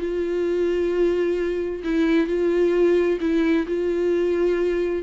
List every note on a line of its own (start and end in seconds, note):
0.00 1.83 F4
1.84 2.27 E4
2.27 3.19 F4
3.21 3.67 E4
3.67 5.03 F4